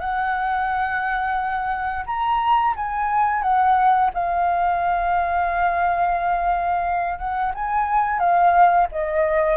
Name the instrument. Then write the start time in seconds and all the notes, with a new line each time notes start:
flute
0.00 F#5
2.06 A#5
2.76 G#5
3.42 F#5
4.14 F5
7.18 F#5
7.54 G#5
8.19 F5
8.92 D#5